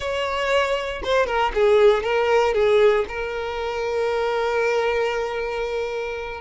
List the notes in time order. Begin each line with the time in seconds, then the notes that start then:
0.00 C#5
1.03 C5
1.26 A#4
1.54 G#4
2.03 A#4
2.53 G#4
3.08 A#4